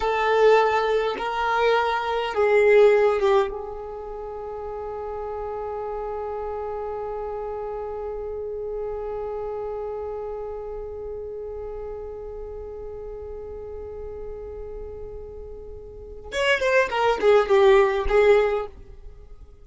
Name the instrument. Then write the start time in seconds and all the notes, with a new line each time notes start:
violin
0.00 A4
1.18 A#4
2.34 G#4
3.20 G4
3.50 G#4
16.32 C#5
16.60 C5
16.89 A#4
17.20 G#4
17.48 G4
18.08 G#4